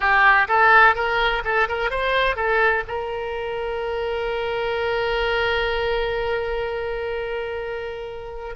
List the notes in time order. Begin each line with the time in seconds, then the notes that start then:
0.00 G4
0.48 A4
0.95 A#4
1.44 A4
1.68 A#4
1.90 C5
2.35 A4
2.87 A#4